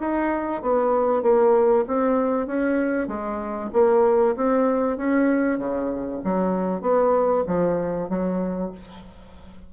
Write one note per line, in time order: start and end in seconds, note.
0.00 0.62 D#4
0.62 1.22 B3
1.22 1.85 A#3
1.87 2.46 C4
2.46 3.07 C#4
3.07 3.70 G#3
3.73 4.35 A#3
4.36 4.97 C4
4.97 5.58 C#4
5.58 6.21 C#3
6.24 6.81 F#3
6.81 7.44 B3
7.47 8.09 F3
8.09 8.72 F#3